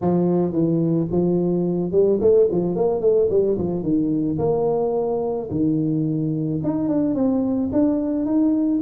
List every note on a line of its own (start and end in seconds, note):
0.01 0.52 F3
0.52 1.07 E3
1.11 1.91 F3
1.91 2.19 G3
2.20 2.48 A3
2.51 2.75 F3
2.75 3.01 A#3
3.01 3.28 A3
3.30 3.57 G3
3.58 3.83 F3
3.83 4.38 D#3
4.38 5.48 A#3
5.50 6.61 D#3
6.63 6.88 D#4
6.88 7.14 D4
7.14 7.69 C4
7.72 8.25 D4
8.25 8.80 D#4